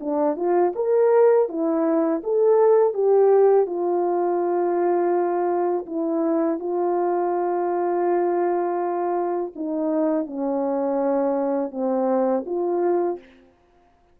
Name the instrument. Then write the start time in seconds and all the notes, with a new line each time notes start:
horn
0.00 D4
0.36 F4
0.75 A#4
1.48 E4
2.23 A4
2.94 G4
3.66 F4
5.86 E4
6.59 F4
9.55 D#4
10.26 C#4
11.71 C4
12.46 F4